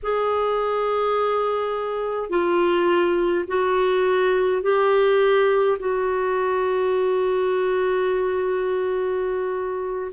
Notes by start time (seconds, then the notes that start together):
0.03 G#4
2.29 F4
3.47 F#4
4.62 G4
5.78 F#4